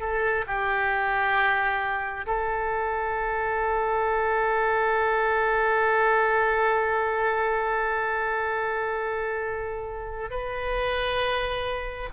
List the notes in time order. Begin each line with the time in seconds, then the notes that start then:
0.00 A4
0.47 G4
2.26 A4
10.30 B4